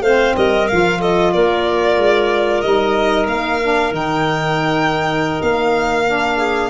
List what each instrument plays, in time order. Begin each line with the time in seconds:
0.00 tuba A3, saxophone C4, clarinet C5, violin F5
0.36 tuba G3, clarinet A#4, violin D#5
0.68 tuba F3, saxophone F4, violin F5
0.99 clarinet A4, violin D#5
1.32 tuba A#3, clarinet A#4, violin D5
1.97 tuba G#3
2.61 tuba G3, saxophone D#4, violin D#5
3.26 tuba A#3, violin F5
3.61 saxophone D4
3.91 tuba D#3, saxophone D#4, violin G5
5.41 tuba A#3, violin F5
6.06 saxophone D4
6.37 clarinet G#4